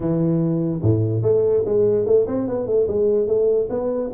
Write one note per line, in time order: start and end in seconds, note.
0.00 0.81 E3
0.82 1.22 A2
1.22 1.63 A3
1.65 2.05 G#3
2.05 2.26 A3
2.27 2.47 C4
2.47 2.66 B3
2.66 2.87 A3
2.87 3.27 G#3
3.27 3.68 A3
3.69 4.10 B3